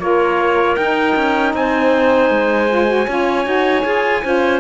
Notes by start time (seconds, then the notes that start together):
0.00 A#3 F4 A#4 C#5
0.77 D#4 G5
1.16 C#4
1.54 C4 C5 G#5
2.30 G#3
2.69 F4
2.87 F#4
3.08 C#4 F4 C#5
3.44 D#4 F#4
3.84 F4 G#4
4.23 C#4 F4 C5